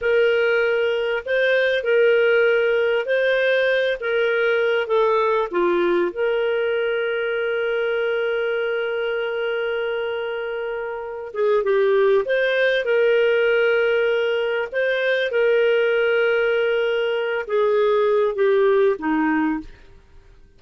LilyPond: \new Staff \with { instrumentName = "clarinet" } { \time 4/4 \tempo 4 = 98 ais'2 c''4 ais'4~ | ais'4 c''4. ais'4. | a'4 f'4 ais'2~ | ais'1~ |
ais'2~ ais'8 gis'8 g'4 | c''4 ais'2. | c''4 ais'2.~ | ais'8 gis'4. g'4 dis'4 | }